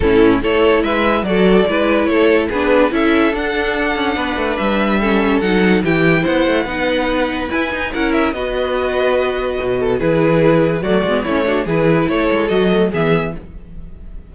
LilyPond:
<<
  \new Staff \with { instrumentName = "violin" } { \time 4/4 \tempo 4 = 144 a'4 cis''4 e''4 d''4~ | d''4 cis''4 b'4 e''4 | fis''2. e''4~ | e''4 fis''4 g''4 fis''4~ |
fis''2 gis''4 fis''8 e''8 | dis''1 | b'2 d''4 cis''4 | b'4 cis''4 dis''4 e''4 | }
  \new Staff \with { instrumentName = "violin" } { \time 4/4 e'4 a'4 b'4 a'4 | b'4 a'4 gis'4 a'4~ | a'2 b'2 | a'2 g'4 c''4 |
b'2. ais'4 | b'2.~ b'8 a'8 | gis'2 fis'4 e'8 fis'8 | gis'4 a'2 gis'4 | }
  \new Staff \with { instrumentName = "viola" } { \time 4/4 cis'4 e'2 fis'4 | e'2 d'4 e'4 | d'1 | cis'4 dis'4 e'2 |
dis'2 e'8 dis'8 e'4 | fis'1 | e'2 a8 b8 cis'8 d'8 | e'2 fis'8 a8 b4 | }
  \new Staff \with { instrumentName = "cello" } { \time 4/4 a,4 a4 gis4 fis4 | gis4 a4 b4 cis'4 | d'4. cis'8 b8 a8 g4~ | g4 fis4 e4 b8 a8 |
b2 e'8 dis'8 cis'4 | b2. b,4 | e2 fis8 gis8 a4 | e4 a8 gis8 fis4 e4 | }
>>